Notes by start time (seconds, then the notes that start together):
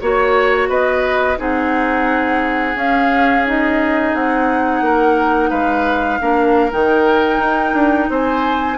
0.00 A#3 F#4 C#5
0.69 B3 B4 D#5
1.37 C4 D#4 G#4 F#5
2.75 C#4 F5
3.45 D#4 D#5
4.14 C4 F#5
4.81 A#3 A#4
5.50 G#3 B4 F5
6.20 A#3 D4 A#4
6.70 D#3 D#4 G5
7.39 D#4
7.74 D4
8.09 C4 C5 G#5